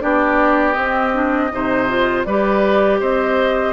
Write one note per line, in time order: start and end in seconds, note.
0.00 0.76 B3
0.00 0.75 D4
0.00 1.53 G4
0.00 0.73 D5
0.73 1.12 C4
0.73 1.51 C4
0.73 2.23 D#5
1.13 1.50 D4
1.51 2.26 C3
1.51 1.88 D#4
1.51 2.27 C5
1.88 2.26 F4
2.24 3.01 G3
2.24 3.73 G4
2.24 3.00 B4
2.24 2.99 D5
3.00 3.73 C4
3.00 3.73 C5
3.00 3.73 D#5